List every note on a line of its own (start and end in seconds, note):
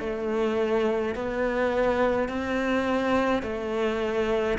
0.00 1.15 A3
1.15 2.29 B3
2.29 3.43 C4
3.43 4.58 A3